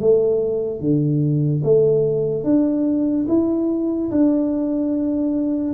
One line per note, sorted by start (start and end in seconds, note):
0.00 0.80 A3
0.80 1.62 D3
1.64 2.44 A3
2.44 3.26 D4
3.28 4.11 E4
4.11 5.73 D4